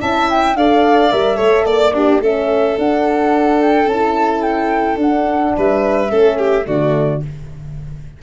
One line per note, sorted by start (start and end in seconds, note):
0.00 0.55 C#4
0.00 0.56 E4
0.00 0.56 E5
0.00 0.29 A5
0.30 0.56 G5
0.55 1.11 D4
0.55 1.12 A4
0.55 1.36 D5
0.55 1.11 F5
1.11 1.40 G3
1.11 1.36 A#4
1.11 1.65 E5
1.36 1.65 A3
1.36 1.91 A4
1.36 1.64 C#5
1.65 2.20 A#3
1.65 2.21 D5
1.65 1.93 D5
1.93 2.21 D4
1.93 2.22 G4
2.20 2.76 A3
2.20 2.77 C#4
2.20 5.55 A4
2.20 2.78 E5
2.77 3.88 D4
2.77 3.86 D4
2.77 3.62 F#5
3.62 3.88 G5
3.86 4.96 C#4
3.86 4.99 E4
3.86 4.42 A5
4.42 4.97 G5
4.96 5.52 D4
4.96 6.08 D4
4.96 5.57 F#5
5.57 6.11 G3
5.57 6.11 B4
5.57 6.67 E5
6.08 6.67 A3
6.08 6.64 C#4
6.08 6.38 A4
6.38 6.66 G4
6.66 7.22 D3
6.66 7.21 A3
6.66 7.22 F#4
6.66 7.22 D5